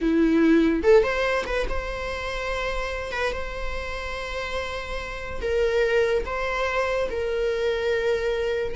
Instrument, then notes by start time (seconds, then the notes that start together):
viola
0.01 E4
0.83 A4
1.03 C5
1.46 B4
1.69 C5
3.12 B4
3.32 C5
5.41 A#4
6.25 C5
7.10 A#4